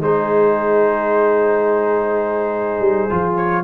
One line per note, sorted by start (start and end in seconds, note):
0.00 2.80 G#3
0.00 3.10 D#4
0.00 3.64 G#4
0.00 3.36 C5
2.80 3.08 G3
3.10 3.64 F3
3.10 3.64 F4
3.36 3.64 C#5